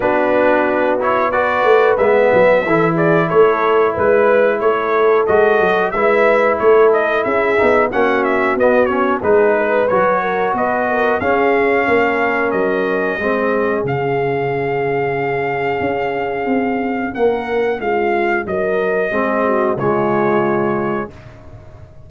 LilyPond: <<
  \new Staff \with { instrumentName = "trumpet" } { \time 4/4 \tempo 4 = 91 b'4. cis''8 d''4 e''4~ | e''8 d''8 cis''4 b'4 cis''4 | dis''4 e''4 cis''8 dis''8 e''4 | fis''8 e''8 dis''8 cis''8 b'4 cis''4 |
dis''4 f''2 dis''4~ | dis''4 f''2.~ | f''2 fis''4 f''4 | dis''2 cis''2 | }
  \new Staff \with { instrumentName = "horn" } { \time 4/4 fis'2 b'2 | a'8 gis'8 a'4 b'4 a'4~ | a'4 b'4 a'4 gis'4 | fis'2 gis'8 b'4 ais'8 |
b'8 ais'8 gis'4 ais'2 | gis'1~ | gis'2 ais'4 f'4 | ais'4 gis'8 fis'8 f'2 | }
  \new Staff \with { instrumentName = "trombone" } { \time 4/4 d'4. e'8 fis'4 b4 | e'1 | fis'4 e'2~ e'8 dis'8 | cis'4 b8 cis'8 dis'4 fis'4~ |
fis'4 cis'2. | c'4 cis'2.~ | cis'1~ | cis'4 c'4 gis2 | }
  \new Staff \with { instrumentName = "tuba" } { \time 4/4 b2~ b8 a8 gis8 fis8 | e4 a4 gis4 a4 | gis8 fis8 gis4 a4 cis'8 b8 | ais4 b4 gis4 fis4 |
b4 cis'4 ais4 fis4 | gis4 cis2. | cis'4 c'4 ais4 gis4 | fis4 gis4 cis2 | }
>>